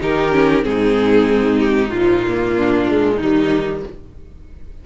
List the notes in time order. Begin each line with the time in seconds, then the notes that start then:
0.00 D#3 D#4 G4 A#4
0.32 C#4
0.62 G#2 C4 G#4
0.68 D#4
1.59 G4
1.90 A#2 F3 F4
2.28 A#3
2.56 D4
2.89 G#3
3.16 D#3 D#4
3.22 G3